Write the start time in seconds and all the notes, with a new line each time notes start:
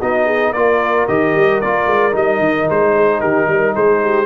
0.00 B3 D#4 F#4 D#5
0.25 G#4
0.50 A#3 F4 A#4 D5
1.08 D#3 G4 D#5
1.35 G3
1.61 A#3 F4 D5
1.86 G#3
2.12 G3 D#4 D#5
2.39 D#3
2.69 G#3 C5
2.95 G#4
3.20 D#3 G4 A#4
3.47 G3 A#4
3.74 G#3 G#4 C5
4.02 G4